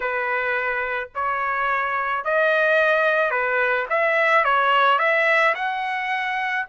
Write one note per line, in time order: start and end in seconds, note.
0.00 1.09 B4
1.14 2.24 C#5
2.24 3.30 D#5
3.30 3.86 B4
3.89 4.44 E5
4.44 4.98 C#5
4.98 5.54 E5
5.54 6.65 F#5